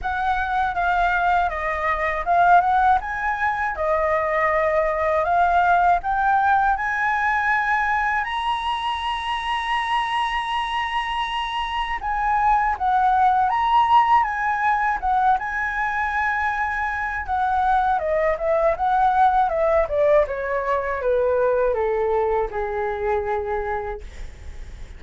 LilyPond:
\new Staff \with { instrumentName = "flute" } { \time 4/4 \tempo 4 = 80 fis''4 f''4 dis''4 f''8 fis''8 | gis''4 dis''2 f''4 | g''4 gis''2 ais''4~ | ais''1 |
gis''4 fis''4 ais''4 gis''4 | fis''8 gis''2~ gis''8 fis''4 | dis''8 e''8 fis''4 e''8 d''8 cis''4 | b'4 a'4 gis'2 | }